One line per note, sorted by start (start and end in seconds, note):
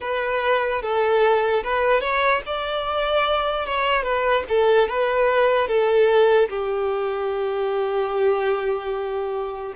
0.00 0.81 B4
0.81 1.63 A4
1.63 2.00 B4
2.00 2.41 C#5
2.46 3.66 D5
3.66 4.02 C#5
4.02 4.43 B4
4.49 4.88 A4
4.88 5.67 B4
5.67 6.48 A4
6.49 9.73 G4